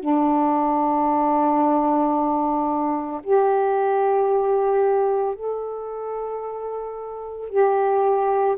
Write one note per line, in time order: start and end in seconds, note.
0.00 3.21 D4
3.23 5.35 G4
5.35 7.49 A4
7.49 8.56 G4